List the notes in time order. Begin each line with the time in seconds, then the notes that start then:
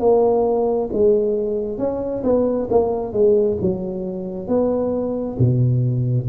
0.00 A#3
0.93 G#3
1.78 C#4
2.24 B3
2.71 A#3
3.13 G#3
3.61 F#3
4.48 B3
5.39 B2